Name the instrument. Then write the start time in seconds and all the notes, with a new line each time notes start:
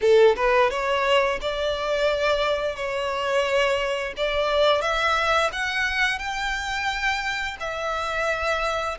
violin
0.01 A4
0.36 B4
0.70 C#5
1.41 D5
2.76 C#5
4.16 D5
4.81 E5
5.52 F#5
6.18 G5
7.60 E5